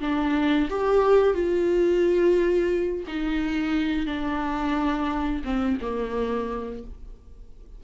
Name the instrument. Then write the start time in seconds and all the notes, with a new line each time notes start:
viola
0.00 D4
0.70 G4
1.34 F4
3.07 D#4
4.06 D4
5.44 C4
5.81 A#3